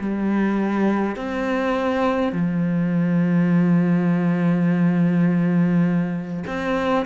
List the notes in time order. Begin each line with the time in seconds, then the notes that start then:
0.00 G3
1.16 C4
2.32 F3
6.47 C4